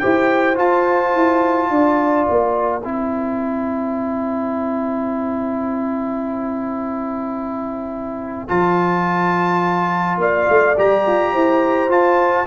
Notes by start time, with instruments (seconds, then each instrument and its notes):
0.00 tuba E4, trombone G4, horn C5, trumpet G5
0.56 trombone F4, tuba F4, trumpet A5
1.15 tuba E4
1.71 tuba D4, horn D5
2.29 tuba A#3, trumpet G5
2.84 tuba C4, trombone E4, horn C5
8.49 tuba F3, trombone F4, trumpet A5
10.18 tuba A#3, horn D5, trumpet F5
10.50 tuba A3
10.78 tuba G3, trombone G4, trumpet A#5
11.07 tuba F4
11.33 tuba E4, horn C5
11.90 trombone F4, tuba F4, trumpet A5